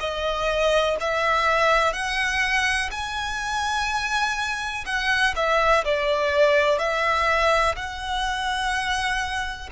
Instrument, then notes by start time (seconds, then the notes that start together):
violin
0.00 D#5
1.00 E5
1.93 F#5
2.91 G#5
4.86 F#5
5.36 E5
5.85 D5
6.79 E5
7.76 F#5